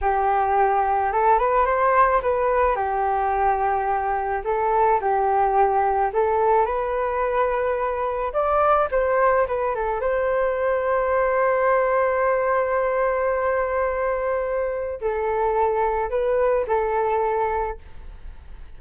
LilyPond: \new Staff \with { instrumentName = "flute" } { \time 4/4 \tempo 4 = 108 g'2 a'8 b'8 c''4 | b'4 g'2. | a'4 g'2 a'4 | b'2. d''4 |
c''4 b'8 a'8 c''2~ | c''1~ | c''2. a'4~ | a'4 b'4 a'2 | }